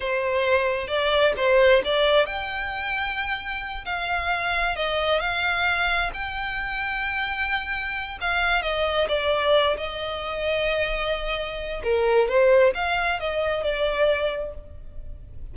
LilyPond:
\new Staff \with { instrumentName = "violin" } { \time 4/4 \tempo 4 = 132 c''2 d''4 c''4 | d''4 g''2.~ | g''8 f''2 dis''4 f''8~ | f''4. g''2~ g''8~ |
g''2 f''4 dis''4 | d''4. dis''2~ dis''8~ | dis''2 ais'4 c''4 | f''4 dis''4 d''2 | }